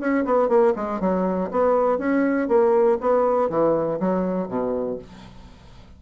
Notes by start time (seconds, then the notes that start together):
0.00 C#4
0.25 B3
0.49 A#3
0.76 G#3
1.00 F#3
1.51 B3
1.99 C#4
2.49 A#3
3.01 B3
3.50 E3
4.00 F#3
4.48 B2